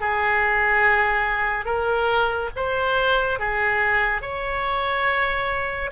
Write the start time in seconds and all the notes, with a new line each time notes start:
0.00 G#4
1.65 A#4
2.55 C5
3.39 G#4
4.21 C#5